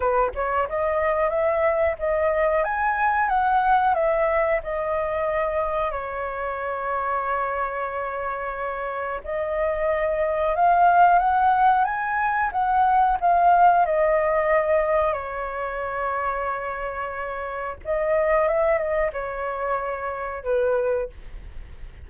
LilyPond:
\new Staff \with { instrumentName = "flute" } { \time 4/4 \tempo 4 = 91 b'8 cis''8 dis''4 e''4 dis''4 | gis''4 fis''4 e''4 dis''4~ | dis''4 cis''2.~ | cis''2 dis''2 |
f''4 fis''4 gis''4 fis''4 | f''4 dis''2 cis''4~ | cis''2. dis''4 | e''8 dis''8 cis''2 b'4 | }